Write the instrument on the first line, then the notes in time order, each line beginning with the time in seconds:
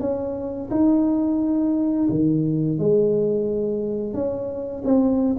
tuba
0.00 C#4
0.70 D#4
2.09 D#3
2.78 G#3
4.13 C#4
4.84 C4